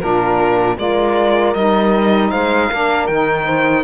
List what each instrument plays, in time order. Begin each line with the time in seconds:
0.00 cello A#2, saxophone D4, horn F4, violin A#4
0.77 cello G#3, saxophone F4, horn A#4, violin D5
1.54 cello G3, saxophone D#4, violin D#5
2.31 cello G#3, horn C5, violin F5
2.69 cello A#3, saxophone D4, horn A#4
3.07 cello D#3, saxophone D#4, violin G5
3.45 horn C5